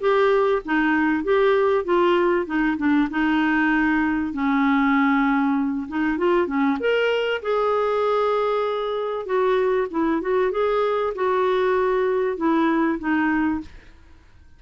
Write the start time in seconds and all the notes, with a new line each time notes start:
0.00 G4
0.65 D#4
1.24 G4
1.84 F4
2.46 D#4
2.77 D4
3.10 D#4
4.33 C#4
5.88 D#4
6.18 F4
6.47 C#4
6.80 A#4
7.42 G#4
9.26 F#4
9.91 E4
10.21 F#4
10.51 G#4
11.15 F#4
12.37 E4
12.99 D#4